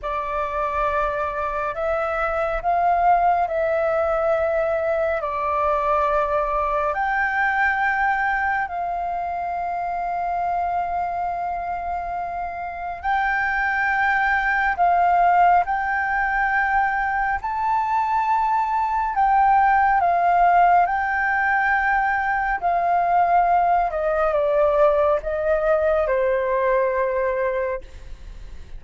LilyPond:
\new Staff \with { instrumentName = "flute" } { \time 4/4 \tempo 4 = 69 d''2 e''4 f''4 | e''2 d''2 | g''2 f''2~ | f''2. g''4~ |
g''4 f''4 g''2 | a''2 g''4 f''4 | g''2 f''4. dis''8 | d''4 dis''4 c''2 | }